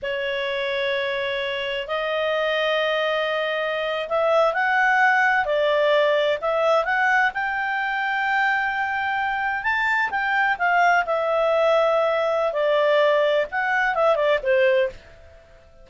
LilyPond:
\new Staff \with { instrumentName = "clarinet" } { \time 4/4 \tempo 4 = 129 cis''1 | dis''1~ | dis''8. e''4 fis''2 d''16~ | d''4.~ d''16 e''4 fis''4 g''16~ |
g''1~ | g''8. a''4 g''4 f''4 e''16~ | e''2. d''4~ | d''4 fis''4 e''8 d''8 c''4 | }